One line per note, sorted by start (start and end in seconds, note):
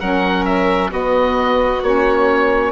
0.00 0.92 F#3
0.00 0.91 C#4
0.00 0.91 A#4
0.00 0.45 F#5
0.45 0.91 E5
0.91 1.82 B3
0.91 1.83 B3
0.91 2.72 F#4
0.91 1.83 D#5
1.83 2.72 A#3
1.83 2.72 C#4
1.83 2.72 C#5